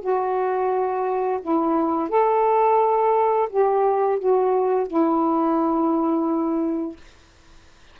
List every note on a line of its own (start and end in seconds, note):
0.00 1.40 F#4
1.41 2.09 E4
2.09 3.48 A4
3.49 4.19 G4
4.19 4.87 F#4
4.87 6.96 E4